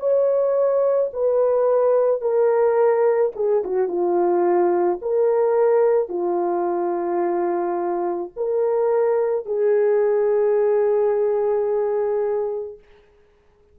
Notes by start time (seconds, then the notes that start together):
0.00 C#5
1.14 B4
2.21 A#4
3.36 G#4
3.64 F#4
3.88 F4
5.02 A#4
6.09 F4
8.36 A#4
9.46 G#4